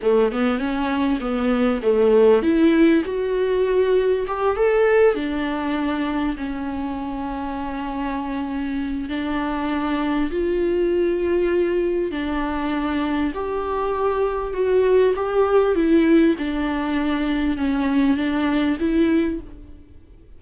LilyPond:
\new Staff \with { instrumentName = "viola" } { \time 4/4 \tempo 4 = 99 a8 b8 cis'4 b4 a4 | e'4 fis'2 g'8 a'8~ | a'8 d'2 cis'4.~ | cis'2. d'4~ |
d'4 f'2. | d'2 g'2 | fis'4 g'4 e'4 d'4~ | d'4 cis'4 d'4 e'4 | }